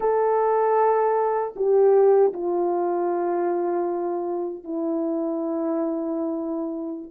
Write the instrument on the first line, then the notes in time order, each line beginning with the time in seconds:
horn
0.00 A4
1.56 G4
2.33 F4
4.64 E4